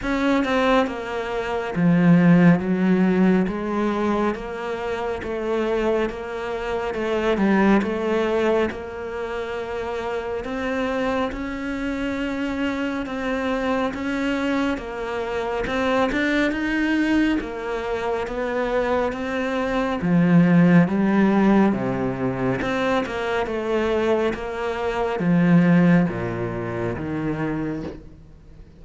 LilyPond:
\new Staff \with { instrumentName = "cello" } { \time 4/4 \tempo 4 = 69 cis'8 c'8 ais4 f4 fis4 | gis4 ais4 a4 ais4 | a8 g8 a4 ais2 | c'4 cis'2 c'4 |
cis'4 ais4 c'8 d'8 dis'4 | ais4 b4 c'4 f4 | g4 c4 c'8 ais8 a4 | ais4 f4 ais,4 dis4 | }